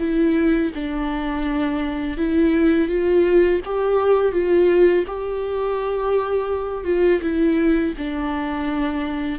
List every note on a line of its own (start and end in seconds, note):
0.00 0.72 E4
0.75 2.18 D4
2.18 2.89 E4
2.89 3.61 F4
3.65 4.33 G4
4.33 5.05 F4
5.07 6.85 G4
6.85 7.21 F4
7.22 7.95 E4
7.98 9.39 D4